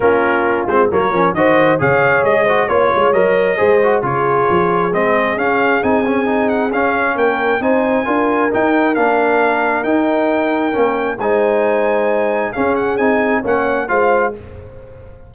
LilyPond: <<
  \new Staff \with { instrumentName = "trumpet" } { \time 4/4 \tempo 4 = 134 ais'4. c''8 cis''4 dis''4 | f''4 dis''4 cis''4 dis''4~ | dis''4 cis''2 dis''4 | f''4 gis''4. fis''8 f''4 |
g''4 gis''2 g''4 | f''2 g''2~ | g''4 gis''2. | f''8 fis''8 gis''4 fis''4 f''4 | }
  \new Staff \with { instrumentName = "horn" } { \time 4/4 f'2 ais'4 c''4 | cis''4. c''8 cis''2 | c''4 gis'2.~ | gis'1 |
ais'4 c''4 ais'2~ | ais'1~ | ais'4 c''2. | gis'2 cis''4 c''4 | }
  \new Staff \with { instrumentName = "trombone" } { \time 4/4 cis'4. c'8 ais8 cis'8 fis'4 | gis'4. fis'8 f'4 ais'4 | gis'8 fis'8 f'2 c'4 | cis'4 dis'8 cis'8 dis'4 cis'4~ |
cis'4 dis'4 f'4 dis'4 | d'2 dis'2 | cis'4 dis'2. | cis'4 dis'4 cis'4 f'4 | }
  \new Staff \with { instrumentName = "tuba" } { \time 4/4 ais4. gis8 fis8 f8 dis4 | cis4 gis4 ais8 gis8 fis4 | gis4 cis4 f4 gis4 | cis'4 c'2 cis'4 |
ais4 c'4 d'4 dis'4 | ais2 dis'2 | ais4 gis2. | cis'4 c'4 ais4 gis4 | }
>>